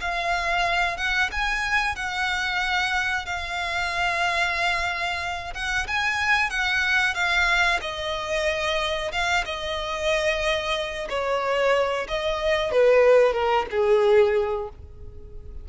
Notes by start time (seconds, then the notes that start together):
0.00 F5
0.97 F#5
1.31 G#5
1.95 F#5
3.25 F5
5.54 F#5
5.87 G#5
6.50 F#5
7.14 F5
7.81 D#5
9.12 F5
9.45 D#5
11.09 C#5
12.08 D#5
12.71 B4
13.33 A#4
13.71 G#4